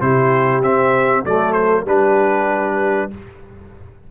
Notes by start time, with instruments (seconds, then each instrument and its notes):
0.00 tuba C3, trombone E4, horn G4, trumpet C5
0.62 tuba C4, trombone C4, trumpet E5
1.24 tuba F#3, trombone A3, horn A4, trumpet D5
1.52 trumpet C5
1.85 tuba G3, trombone D4, horn G4, trumpet B4